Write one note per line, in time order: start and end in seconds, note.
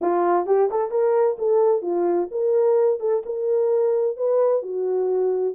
0.01 0.46 F4
0.46 0.69 G4
0.70 0.91 A4
0.91 1.37 A#4
1.38 1.82 A4
1.82 2.28 F4
2.31 3.00 A#4
3.00 3.23 A4
3.25 4.16 A#4
4.16 4.62 B4
4.62 5.54 F#4